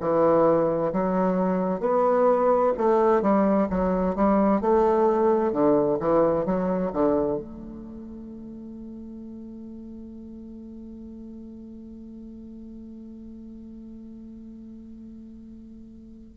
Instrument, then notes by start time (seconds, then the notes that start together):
bassoon
0.00 E3
0.93 F#3
1.80 B3
2.77 A3
3.21 G3
3.70 F#3
4.15 G3
4.61 A3
5.52 D3
6.00 E3
6.45 F#3
6.93 D3
7.38 A3